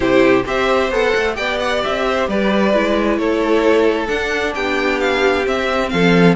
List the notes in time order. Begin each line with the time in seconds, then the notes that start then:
0.00 C3 E4 G4 C5
0.45 C4 G4 C5 E5
0.90 B3 A4 F#5
1.16 A3
1.34 B3 G4 D5 G5
1.59 F#5
1.83 C4 E5
2.06 C5
2.28 G3 B4 D5
2.73 G#3 E4
3.18 A3 A4 C#5
4.07 D4 F#5
4.53 B3 G4 G5
5.00 F5
5.44 C4 E5
5.89 F3 A4 F5